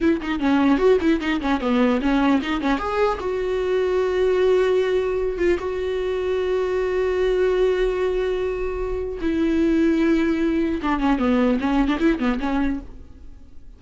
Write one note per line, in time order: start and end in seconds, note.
0.00 0.20 E4
0.21 0.39 D#4
0.39 0.77 C#4
0.77 0.97 F#4
1.01 1.20 E4
1.20 1.40 D#4
1.40 1.60 C#4
1.60 2.00 B3
2.01 2.41 C#4
2.41 2.60 D#4
2.60 2.78 C#4
2.78 3.18 G#4
3.19 5.38 F#4
5.38 5.58 F4
5.59 9.19 F#4
9.21 10.81 E4
10.82 10.99 D4
10.99 11.19 C#4
11.19 11.59 B3
11.60 11.87 C#4
11.87 11.97 D4
11.99 12.19 E4
12.19 12.39 B3
12.40 12.80 C#4